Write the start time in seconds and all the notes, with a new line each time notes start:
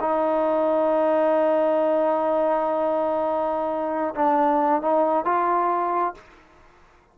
0.00 D#4
4.15 D4
4.81 D#4
5.24 F4